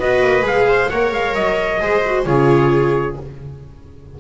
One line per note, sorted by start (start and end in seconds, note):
0.00 0.21 B3
0.00 0.43 F#4
0.00 0.67 B4
0.00 0.46 D#5
0.21 0.42 A#3
0.42 0.88 G#3
0.42 0.88 G#4
0.42 0.90 F5
0.67 0.90 C5
0.90 1.13 A#3
0.90 1.80 A#4
0.90 1.82 C#5
0.90 1.12 F#5
1.13 1.35 G#3
1.13 1.35 F5
1.35 1.81 F#3
1.35 2.25 D#5
1.80 2.26 G#3
1.80 2.03 G#4
1.80 2.27 C5
2.06 2.26 F#4
2.25 3.17 C#3
2.25 3.17 F4
2.25 3.20 G#4
2.25 3.16 C#5